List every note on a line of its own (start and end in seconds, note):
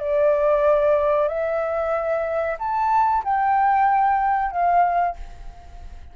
0.00 1.28 D5
1.28 2.57 E5
2.60 3.24 A5
3.25 4.52 G5
4.52 5.16 F5